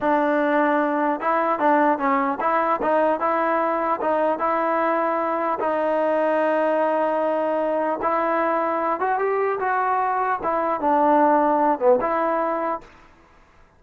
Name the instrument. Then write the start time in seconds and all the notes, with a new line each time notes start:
trombone
0.01 D4
1.20 E4
1.59 D4
1.98 C#4
2.40 E4
2.82 D#4
3.20 E4
4.01 D#4
4.38 E4
5.59 D#4
8.01 E4
9.00 F#4
9.18 G4
9.59 F#4
10.43 E4
10.80 D4
11.79 B3
12.00 E4